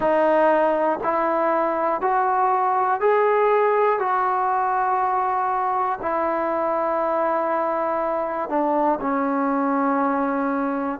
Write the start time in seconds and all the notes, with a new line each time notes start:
0.00 D#4
1.03 E4
2.00 F#4
3.00 G#4
3.99 F#4
6.01 E4
8.49 D4
9.00 C#4